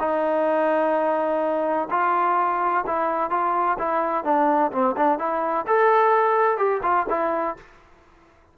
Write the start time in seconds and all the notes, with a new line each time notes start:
0.00 D#4
1.90 F4
2.87 E4
3.31 F4
3.79 E4
4.25 D4
4.72 C4
4.97 D4
5.19 E4
5.67 A4
6.58 G4
6.83 F4
7.10 E4